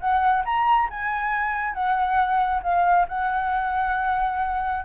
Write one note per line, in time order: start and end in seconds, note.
0.00 0.44 F#5
0.45 0.89 A#5
0.90 1.73 G#5
1.73 2.62 F#5
2.63 3.07 F5
3.09 4.85 F#5